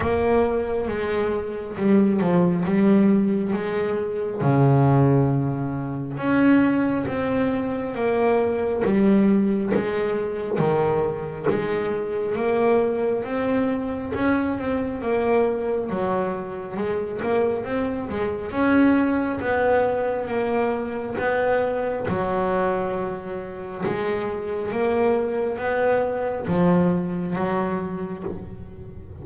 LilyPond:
\new Staff \with { instrumentName = "double bass" } { \time 4/4 \tempo 4 = 68 ais4 gis4 g8 f8 g4 | gis4 cis2 cis'4 | c'4 ais4 g4 gis4 | dis4 gis4 ais4 c'4 |
cis'8 c'8 ais4 fis4 gis8 ais8 | c'8 gis8 cis'4 b4 ais4 | b4 fis2 gis4 | ais4 b4 f4 fis4 | }